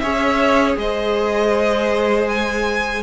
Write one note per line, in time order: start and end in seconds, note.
0.00 0.78 C#4
0.00 3.03 G#4
0.00 0.78 C#5
0.00 0.75 E5
0.78 3.03 G#3
0.78 3.03 C5
0.78 2.29 D#5
2.29 3.03 G#5